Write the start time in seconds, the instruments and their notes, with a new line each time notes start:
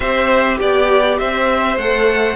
0.00 cello C4, viola G4, violin C5 E5
0.57 cello B3, violin G4 D5
1.19 cello C4, violin C5 E5
1.76 cello A3, viola A4, violin F#5